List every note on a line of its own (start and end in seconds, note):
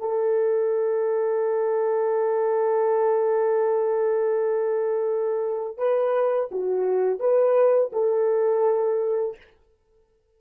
0.00 5.78 A4
5.78 6.50 B4
6.51 7.20 F#4
7.20 7.92 B4
7.93 9.37 A4